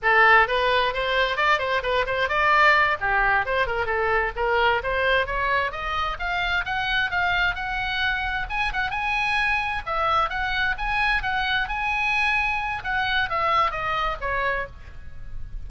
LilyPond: \new Staff \with { instrumentName = "oboe" } { \time 4/4 \tempo 4 = 131 a'4 b'4 c''4 d''8 c''8 | b'8 c''8 d''4. g'4 c''8 | ais'8 a'4 ais'4 c''4 cis''8~ | cis''8 dis''4 f''4 fis''4 f''8~ |
f''8 fis''2 gis''8 fis''8 gis''8~ | gis''4. e''4 fis''4 gis''8~ | gis''8 fis''4 gis''2~ gis''8 | fis''4 e''4 dis''4 cis''4 | }